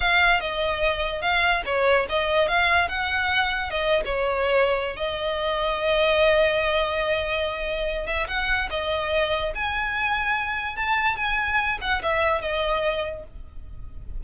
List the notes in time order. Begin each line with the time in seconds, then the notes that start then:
0.00 F5
0.40 D#5
1.21 F5
1.65 C#5
2.09 D#5
2.48 F5
2.88 F#5
3.70 D#5
4.05 C#5
4.96 D#5
8.06 E5
8.27 F#5
8.70 D#5
9.55 G#5
10.76 A5
11.16 G#5
11.81 F#5
12.02 E5
12.41 D#5